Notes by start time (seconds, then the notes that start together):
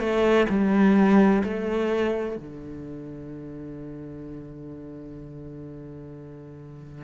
0.00 A3
0.49 G3
1.44 A3
2.37 D3